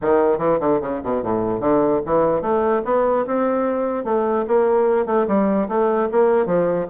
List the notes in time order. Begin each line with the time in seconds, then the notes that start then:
0.01 D#3
0.38 E3
0.60 D3
0.81 C#3
1.03 B2
1.23 A2
1.60 D3
2.05 E3
2.41 A3
2.85 B3
3.26 C4
4.04 A3
4.47 A#3
5.06 A3
5.27 G3
5.68 A3
6.11 A#3
6.46 F3